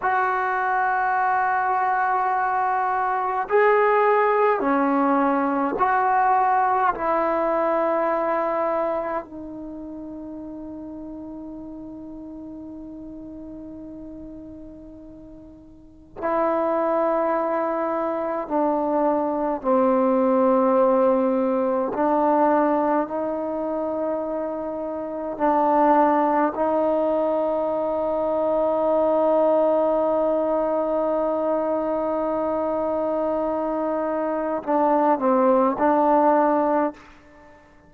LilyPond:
\new Staff \with { instrumentName = "trombone" } { \time 4/4 \tempo 4 = 52 fis'2. gis'4 | cis'4 fis'4 e'2 | dis'1~ | dis'2 e'2 |
d'4 c'2 d'4 | dis'2 d'4 dis'4~ | dis'1~ | dis'2 d'8 c'8 d'4 | }